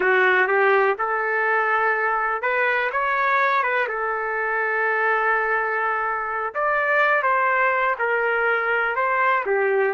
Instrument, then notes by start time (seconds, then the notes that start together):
trumpet
0.00 F#4
0.47 G4
0.98 A4
2.42 B4
2.92 C#5
3.63 B4
3.88 A4
6.54 D5
7.23 C5
7.99 A#4
8.95 C5
9.46 G4